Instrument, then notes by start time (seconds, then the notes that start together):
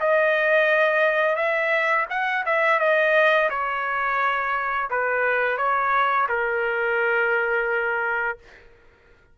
trumpet
0.00 D#5
1.36 E5
2.10 F#5
2.45 E5
2.79 D#5
3.50 C#5
4.90 B4
5.58 C#5
6.29 A#4